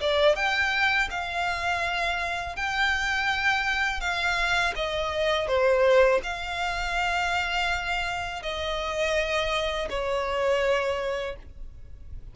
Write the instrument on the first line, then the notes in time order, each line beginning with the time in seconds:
violin
0.00 D5
0.35 G5
1.10 F5
2.55 G5
4.00 F5
4.75 D#5
5.47 C5
6.23 F5
8.42 D#5
9.89 C#5